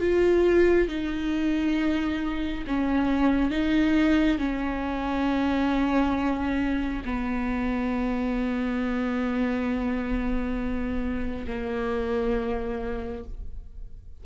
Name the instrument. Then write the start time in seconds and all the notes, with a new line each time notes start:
viola
0.00 F4
0.88 D#4
2.67 C#4
3.51 D#4
4.38 C#4
7.05 B3
11.47 A#3